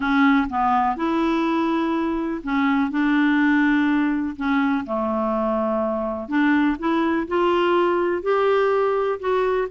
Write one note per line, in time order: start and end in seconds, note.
0.00 0.47 C#4
0.49 0.96 B3
0.96 2.41 E4
2.43 2.91 C#4
2.91 4.36 D4
4.36 4.85 C#4
4.86 6.28 A3
6.28 6.76 D4
6.79 7.27 E4
7.27 8.22 F4
8.22 9.19 G4
9.19 9.68 F#4